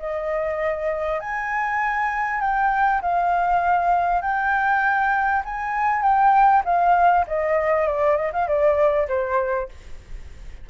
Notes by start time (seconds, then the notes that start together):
0.00 D#5
1.20 G#5
2.41 G5
3.02 F5
4.22 G5
5.45 G#5
6.03 G5
6.65 F5
7.28 D#5
7.88 D5
8.17 D#5
8.33 F5
8.48 D5
9.09 C5